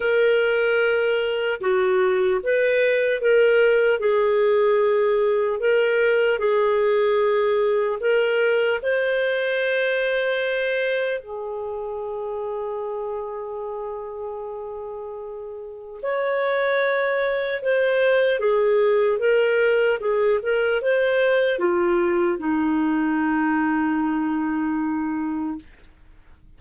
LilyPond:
\new Staff \with { instrumentName = "clarinet" } { \time 4/4 \tempo 4 = 75 ais'2 fis'4 b'4 | ais'4 gis'2 ais'4 | gis'2 ais'4 c''4~ | c''2 gis'2~ |
gis'1 | cis''2 c''4 gis'4 | ais'4 gis'8 ais'8 c''4 f'4 | dis'1 | }